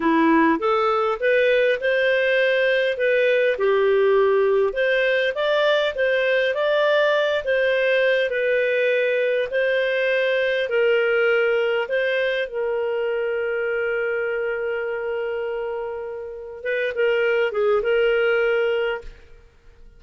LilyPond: \new Staff \with { instrumentName = "clarinet" } { \time 4/4 \tempo 4 = 101 e'4 a'4 b'4 c''4~ | c''4 b'4 g'2 | c''4 d''4 c''4 d''4~ | d''8 c''4. b'2 |
c''2 ais'2 | c''4 ais'2.~ | ais'1 | b'8 ais'4 gis'8 ais'2 | }